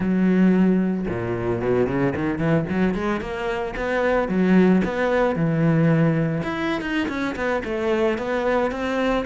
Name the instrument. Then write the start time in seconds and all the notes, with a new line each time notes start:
cello
0.00 F#3
1.08 A#2
1.61 B2
1.87 C#3
2.15 D#3
2.38 E3
2.69 F#3
2.94 G#3
3.20 A#3
3.76 B3
4.28 F#3
4.84 B3
5.35 E3
6.43 E4
6.81 D#4
7.08 C#4
7.35 B3
7.64 A3
8.18 B3
8.71 C4